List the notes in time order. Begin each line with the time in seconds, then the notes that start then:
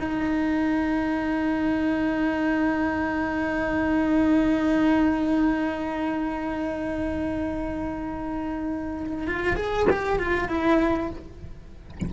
0.00 D#4
9.27 F4
9.56 G#4
9.90 G4
10.19 F4
10.48 E4